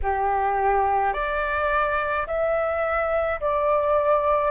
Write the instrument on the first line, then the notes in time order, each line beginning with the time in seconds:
flute
0.02 G4
1.13 D5
2.26 E5
3.40 D5